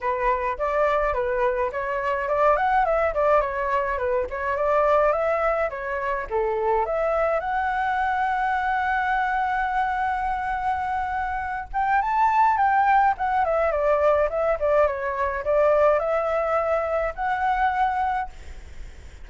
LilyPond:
\new Staff \with { instrumentName = "flute" } { \time 4/4 \tempo 4 = 105 b'4 d''4 b'4 cis''4 | d''8 fis''8 e''8 d''8 cis''4 b'8 cis''8 | d''4 e''4 cis''4 a'4 | e''4 fis''2.~ |
fis''1~ | fis''8 g''8 a''4 g''4 fis''8 e''8 | d''4 e''8 d''8 cis''4 d''4 | e''2 fis''2 | }